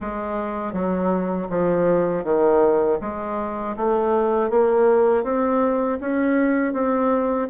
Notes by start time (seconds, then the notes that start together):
0.00 G#3
0.73 F#3
1.49 F3
2.24 D#3
3.00 G#3
3.76 A3
4.50 A#3
5.23 C4
6.00 C#4
6.73 C4